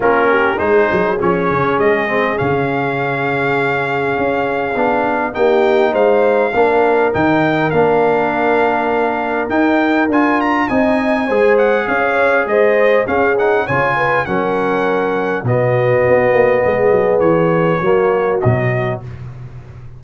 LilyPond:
<<
  \new Staff \with { instrumentName = "trumpet" } { \time 4/4 \tempo 4 = 101 ais'4 c''4 cis''4 dis''4 | f''1~ | f''4 g''4 f''2 | g''4 f''2. |
g''4 gis''8 ais''8 gis''4. fis''8 | f''4 dis''4 f''8 fis''8 gis''4 | fis''2 dis''2~ | dis''4 cis''2 dis''4 | }
  \new Staff \with { instrumentName = "horn" } { \time 4/4 f'8 g'8 gis'2.~ | gis'1~ | gis'4 g'4 c''4 ais'4~ | ais'1~ |
ais'2 dis''4 c''4 | cis''4 c''4 gis'4 cis''8 b'8 | ais'2 fis'2 | gis'2 fis'2 | }
  \new Staff \with { instrumentName = "trombone" } { \time 4/4 cis'4 dis'4 cis'4. c'8 | cis'1 | d'4 dis'2 d'4 | dis'4 d'2. |
dis'4 f'4 dis'4 gis'4~ | gis'2 cis'8 dis'8 f'4 | cis'2 b2~ | b2 ais4 fis4 | }
  \new Staff \with { instrumentName = "tuba" } { \time 4/4 ais4 gis8 fis8 f8 cis8 gis4 | cis2. cis'4 | b4 ais4 gis4 ais4 | dis4 ais2. |
dis'4 d'4 c'4 gis4 | cis'4 gis4 cis'4 cis4 | fis2 b,4 b8 ais8 | gis8 fis8 e4 fis4 b,4 | }
>>